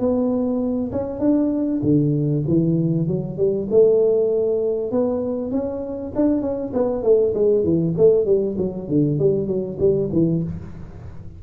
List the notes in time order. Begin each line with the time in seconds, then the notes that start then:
0.00 B3
0.92 C#4
1.20 D4
1.83 D3
2.48 E3
3.08 F#3
3.38 G3
3.71 A3
4.92 B3
5.52 C#4
6.16 D4
6.42 C#4
6.74 B3
7.03 A3
7.35 G#3
7.64 E3
7.98 A3
8.26 G3
8.58 F#3
8.89 D3
9.20 G3
9.48 F#3
9.80 G3
10.13 E3